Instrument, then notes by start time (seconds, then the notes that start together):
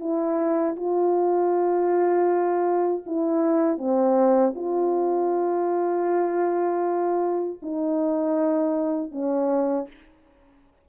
horn
0.00 E4
0.76 F4
3.07 E4
3.78 C4
4.56 F4
7.62 D#4
9.12 C#4